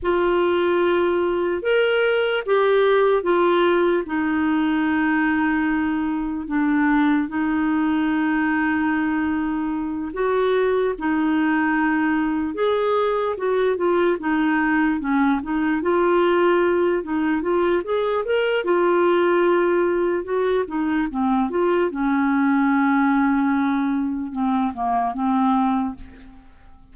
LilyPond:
\new Staff \with { instrumentName = "clarinet" } { \time 4/4 \tempo 4 = 74 f'2 ais'4 g'4 | f'4 dis'2. | d'4 dis'2.~ | dis'8 fis'4 dis'2 gis'8~ |
gis'8 fis'8 f'8 dis'4 cis'8 dis'8 f'8~ | f'4 dis'8 f'8 gis'8 ais'8 f'4~ | f'4 fis'8 dis'8 c'8 f'8 cis'4~ | cis'2 c'8 ais8 c'4 | }